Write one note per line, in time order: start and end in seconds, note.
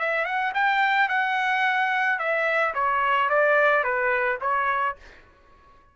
0.00 0.26 E5
0.26 0.53 F#5
0.55 1.09 G5
1.09 2.19 F#5
2.19 2.74 E5
2.75 3.30 C#5
3.30 3.84 D5
3.84 4.39 B4
4.42 4.97 C#5